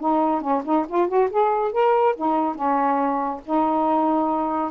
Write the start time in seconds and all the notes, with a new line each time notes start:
0.00 D#4
0.41 C#4
0.65 D#4
0.89 F4
1.08 F#4
1.31 G#4
1.72 A#4
2.16 D#4
2.55 C#4
3.45 D#4